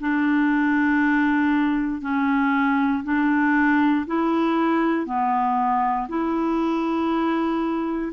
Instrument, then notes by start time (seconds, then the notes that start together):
clarinet
0.00 D4
2.02 C#4
3.04 D4
4.07 E4
5.06 B3
6.09 E4